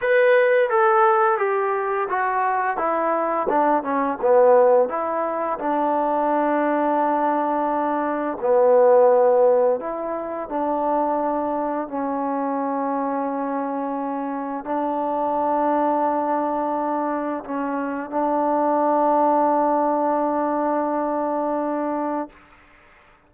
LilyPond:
\new Staff \with { instrumentName = "trombone" } { \time 4/4 \tempo 4 = 86 b'4 a'4 g'4 fis'4 | e'4 d'8 cis'8 b4 e'4 | d'1 | b2 e'4 d'4~ |
d'4 cis'2.~ | cis'4 d'2.~ | d'4 cis'4 d'2~ | d'1 | }